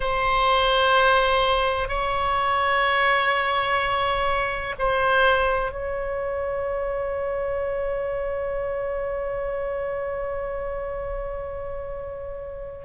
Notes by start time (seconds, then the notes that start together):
0.00 C5
1.88 C#5
4.78 C5
5.71 C#5